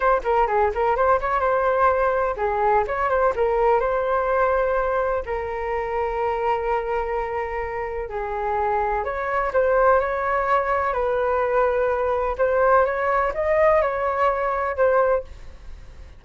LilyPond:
\new Staff \with { instrumentName = "flute" } { \time 4/4 \tempo 4 = 126 c''8 ais'8 gis'8 ais'8 c''8 cis''8 c''4~ | c''4 gis'4 cis''8 c''8 ais'4 | c''2. ais'4~ | ais'1~ |
ais'4 gis'2 cis''4 | c''4 cis''2 b'4~ | b'2 c''4 cis''4 | dis''4 cis''2 c''4 | }